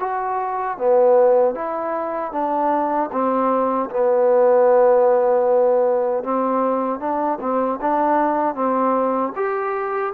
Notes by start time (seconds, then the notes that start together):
0.00 F#4
0.78 B3
1.55 E4
2.32 D4
3.12 C4
3.91 B3
6.24 C4
7.00 D4
7.41 C4
7.82 D4
8.55 C4
9.36 G4